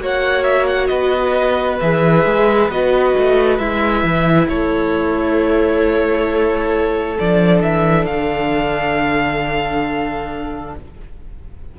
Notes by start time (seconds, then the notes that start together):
0.00 A#3 F#4 C#5 F#5
0.44 E5
0.67 F#5
0.87 B3 B4 D#5
1.80 E3 G#4 E5
2.26 G#3
2.69 B3 F#4 D#5
3.18 A3
3.58 G#3 E4 E5
4.04 E3
4.49 A3 A4 C#5
7.20 F3 D4 D5
7.62 E3 E5
8.06 D3 F5